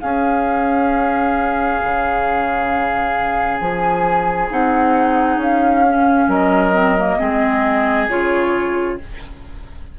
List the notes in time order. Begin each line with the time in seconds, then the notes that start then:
0.00 C#4 G#4 F5
1.84 C#3
3.60 F3 G#5
4.50 C4 D#4 F#5
5.36 C#4 F5
5.88 C#4
6.27 F#3 A#4 D#5
6.74 C4
6.98 A#3
7.18 G#3 C4 G#4
8.08 C#3 F4 C#5